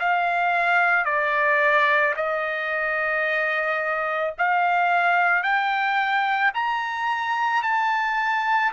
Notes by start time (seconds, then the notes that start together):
0.00 F5
1.06 D5
2.16 D#5
4.38 F5
5.43 G5
6.55 A#5
7.63 A5